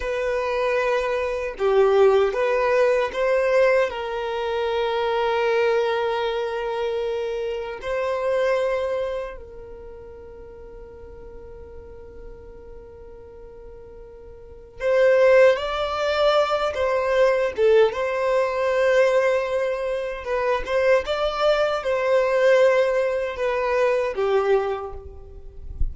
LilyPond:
\new Staff \with { instrumentName = "violin" } { \time 4/4 \tempo 4 = 77 b'2 g'4 b'4 | c''4 ais'2.~ | ais'2 c''2 | ais'1~ |
ais'2. c''4 | d''4. c''4 a'8 c''4~ | c''2 b'8 c''8 d''4 | c''2 b'4 g'4 | }